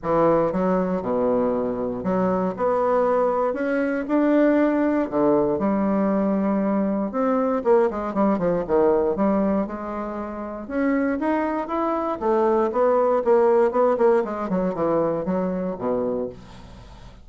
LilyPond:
\new Staff \with { instrumentName = "bassoon" } { \time 4/4 \tempo 4 = 118 e4 fis4 b,2 | fis4 b2 cis'4 | d'2 d4 g4~ | g2 c'4 ais8 gis8 |
g8 f8 dis4 g4 gis4~ | gis4 cis'4 dis'4 e'4 | a4 b4 ais4 b8 ais8 | gis8 fis8 e4 fis4 b,4 | }